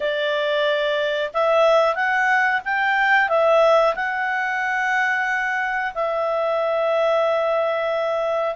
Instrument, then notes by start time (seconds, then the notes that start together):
clarinet
0.00 D5
1.33 E5
1.95 F#5
2.64 G5
3.28 E5
3.95 F#5
5.94 E5